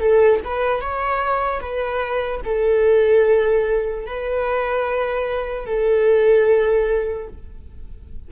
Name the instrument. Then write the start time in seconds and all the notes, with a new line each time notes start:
viola
0.00 A4
0.45 B4
0.81 C#5
1.61 B4
2.44 A4
4.07 B4
5.66 A4